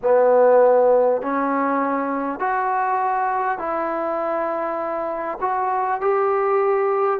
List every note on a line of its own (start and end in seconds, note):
0.02 1.22 B3
1.22 2.39 C#4
2.39 3.58 F#4
3.58 5.38 E4
5.41 6.00 F#4
6.00 7.19 G4